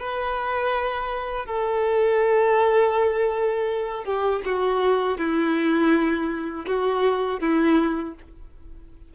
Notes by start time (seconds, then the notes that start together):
0.00 B4
1.46 A4
4.05 G4
4.46 F#4
5.18 E4
6.67 F#4
7.40 E4